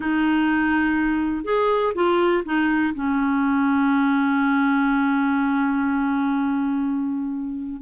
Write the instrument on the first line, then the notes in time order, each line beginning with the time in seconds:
clarinet
0.00 D#4
1.44 G#4
1.94 F4
2.45 D#4
2.94 C#4